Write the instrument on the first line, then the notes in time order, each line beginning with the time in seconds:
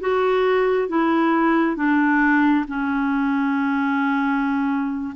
clarinet
0.00 F#4
0.89 E4
1.76 D4
2.68 C#4